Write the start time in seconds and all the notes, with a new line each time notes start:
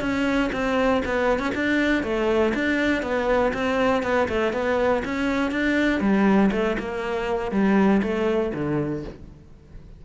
0.00 C#4
0.52 C4
1.05 B3
1.39 C#4
1.55 D4
2.03 A3
2.54 D4
3.02 B3
3.53 C4
4.02 B3
4.28 A3
4.52 B3
5.04 C#4
5.51 D4
6.00 G3
6.51 A3
6.79 A#3
7.51 G3
8.02 A3
8.54 D3